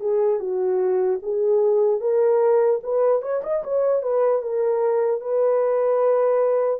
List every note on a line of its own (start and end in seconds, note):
0.00 0.39 G#4
0.39 1.19 F#4
1.22 2.00 G#4
2.00 2.80 A#4
2.83 3.22 B4
3.22 3.42 C#5
3.43 3.63 D#5
3.63 4.02 C#5
4.02 4.42 B4
4.42 5.21 A#4
5.21 6.80 B4